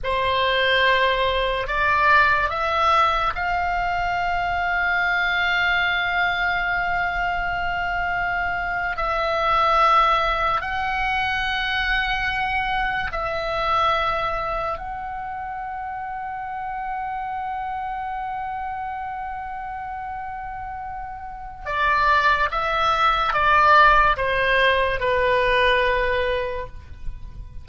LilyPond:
\new Staff \with { instrumentName = "oboe" } { \time 4/4 \tempo 4 = 72 c''2 d''4 e''4 | f''1~ | f''2~ f''8. e''4~ e''16~ | e''8. fis''2. e''16~ |
e''4.~ e''16 fis''2~ fis''16~ | fis''1~ | fis''2 d''4 e''4 | d''4 c''4 b'2 | }